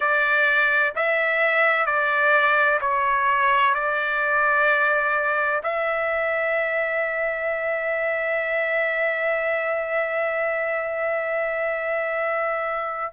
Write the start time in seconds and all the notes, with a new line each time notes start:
0.00 D5
0.95 E5
1.85 D5
2.80 C#5
3.74 D5
5.62 E5